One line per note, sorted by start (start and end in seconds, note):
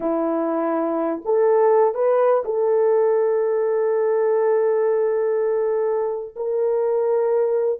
0.00 1.21 E4
1.24 1.94 A4
1.94 2.43 B4
2.44 6.35 A4
6.36 7.79 A#4